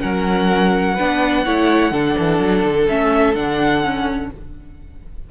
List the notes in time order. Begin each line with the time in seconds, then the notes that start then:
0.00 F#3 C#4 A#4 F#5
0.95 D4 B4
1.01 B3
1.45 A3 E4 C#5
1.92 D3 D4 A4
2.19 E3
2.40 F#3
2.64 D3
2.89 A3 C#4 E5
3.35 D3 D4 F#5
3.84 C#4